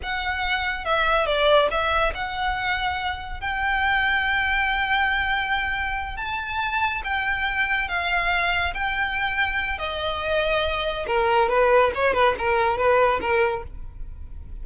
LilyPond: \new Staff \with { instrumentName = "violin" } { \time 4/4 \tempo 4 = 141 fis''2 e''4 d''4 | e''4 fis''2. | g''1~ | g''2~ g''8 a''4.~ |
a''8 g''2 f''4.~ | f''8 g''2~ g''8 dis''4~ | dis''2 ais'4 b'4 | cis''8 b'8 ais'4 b'4 ais'4 | }